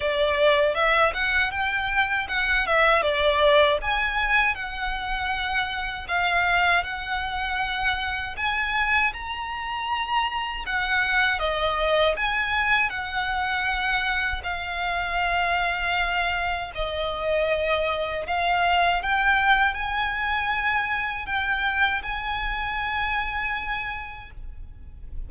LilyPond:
\new Staff \with { instrumentName = "violin" } { \time 4/4 \tempo 4 = 79 d''4 e''8 fis''8 g''4 fis''8 e''8 | d''4 gis''4 fis''2 | f''4 fis''2 gis''4 | ais''2 fis''4 dis''4 |
gis''4 fis''2 f''4~ | f''2 dis''2 | f''4 g''4 gis''2 | g''4 gis''2. | }